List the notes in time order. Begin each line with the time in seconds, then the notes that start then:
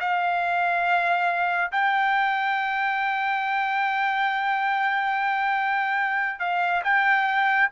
0.00 F5
1.72 G5
6.39 F5
6.84 G5